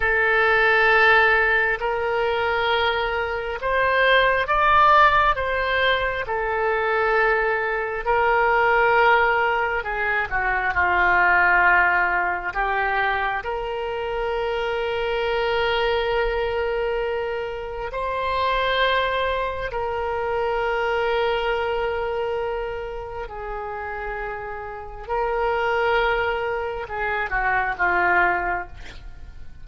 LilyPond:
\new Staff \with { instrumentName = "oboe" } { \time 4/4 \tempo 4 = 67 a'2 ais'2 | c''4 d''4 c''4 a'4~ | a'4 ais'2 gis'8 fis'8 | f'2 g'4 ais'4~ |
ais'1 | c''2 ais'2~ | ais'2 gis'2 | ais'2 gis'8 fis'8 f'4 | }